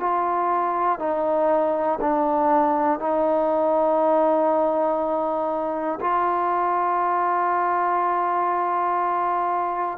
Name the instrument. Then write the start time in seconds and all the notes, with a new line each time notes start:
trombone
0.00 F4
0.99 D#4
2.00 D4
3.00 D#4
6.00 F4